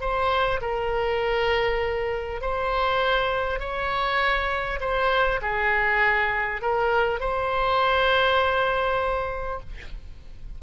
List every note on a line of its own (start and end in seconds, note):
0.00 0.60 C5
0.61 2.41 A#4
2.41 3.59 C5
3.59 4.79 C#5
4.80 5.40 C5
5.41 6.61 G#4
6.61 7.20 A#4
7.20 9.60 C5